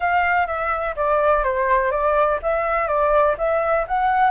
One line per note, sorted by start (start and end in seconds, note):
0.00 0.47 F5
0.47 0.95 E5
0.96 1.43 D5
1.43 1.91 C5
1.91 2.39 D5
2.42 2.87 E5
2.87 3.35 D5
3.38 3.86 E5
3.87 4.30 F#5